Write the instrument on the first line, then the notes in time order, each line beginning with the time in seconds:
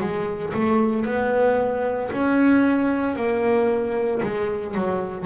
double bass
0.00 G#3
0.53 A3
1.05 B3
2.11 C#4
3.15 A#3
4.22 G#3
4.74 F#3